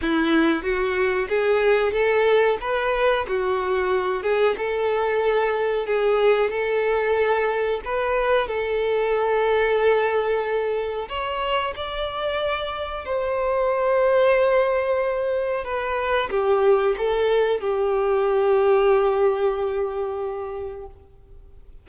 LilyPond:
\new Staff \with { instrumentName = "violin" } { \time 4/4 \tempo 4 = 92 e'4 fis'4 gis'4 a'4 | b'4 fis'4. gis'8 a'4~ | a'4 gis'4 a'2 | b'4 a'2.~ |
a'4 cis''4 d''2 | c''1 | b'4 g'4 a'4 g'4~ | g'1 | }